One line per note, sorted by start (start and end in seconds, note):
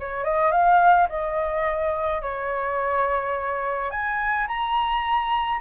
0.00 0.25 C#5
0.25 0.51 D#5
0.51 1.08 F5
1.09 2.22 D#5
2.22 3.91 C#5
3.91 4.47 G#5
4.48 5.61 A#5